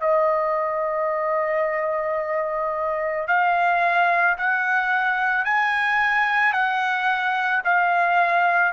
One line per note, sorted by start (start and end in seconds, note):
0.00 3.27 D#5
3.27 4.36 F5
4.37 5.45 F#5
5.45 6.53 G#5
6.53 7.62 F#5
7.64 8.72 F5